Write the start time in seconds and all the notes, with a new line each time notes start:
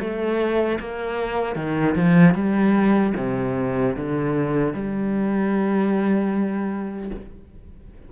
0.00 A3
0.80 A#3
1.55 D#3
1.95 F3
2.34 G3
3.17 C3
3.96 D3
4.73 G3